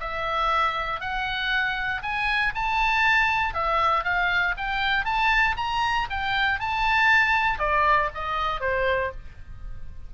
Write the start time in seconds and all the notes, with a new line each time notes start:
0.00 E5
1.00 F#5
2.02 G#5
2.55 A5
3.54 E5
4.04 F5
4.57 G5
5.05 A5
5.57 A#5
6.10 G5
6.59 A5
7.59 D5
8.14 D#5
8.60 C5